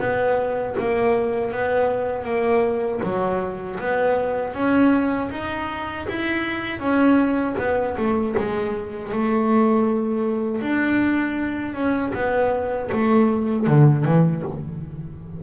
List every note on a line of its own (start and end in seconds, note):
0.00 0.76 B3
0.79 1.52 A#3
1.52 2.24 B3
2.24 3.00 A#3
3.03 3.79 F#3
3.80 4.54 B3
4.54 5.30 C#4
5.31 6.07 D#4
6.09 6.80 E4
6.80 7.56 C#4
7.58 7.96 B3
7.97 8.35 A3
8.38 9.13 G#3
9.13 10.61 A3
10.61 11.75 D4
11.75 12.13 C#4
12.14 12.90 B3
12.92 13.67 A3
13.67 14.05 D3
14.05 14.43 E3